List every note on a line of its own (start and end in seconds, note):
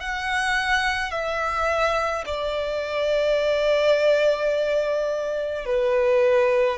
0.00 1.11 F#5
1.11 2.24 E5
2.26 5.66 D5
5.66 6.78 B4